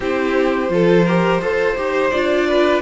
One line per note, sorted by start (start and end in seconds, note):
0.00 0.69 C4
0.00 0.69 E4
0.00 0.70 G4
0.00 2.10 C5
0.69 1.40 F3
0.69 1.05 F4
0.69 1.05 A4
1.05 1.42 G4
1.05 1.40 A#4
1.40 1.76 F4
1.40 1.76 A4
1.40 2.47 C5
1.76 2.12 D#4
1.76 2.11 G4
2.10 2.82 D4
2.10 2.82 F4
2.10 2.81 D5
2.48 2.82 B4